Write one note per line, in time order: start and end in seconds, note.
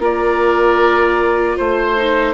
0.00 1.58 A#3
0.00 1.97 F4
0.00 1.57 A#4
0.00 1.59 D5
1.57 2.34 A3
1.57 2.34 C5
1.97 2.34 D#4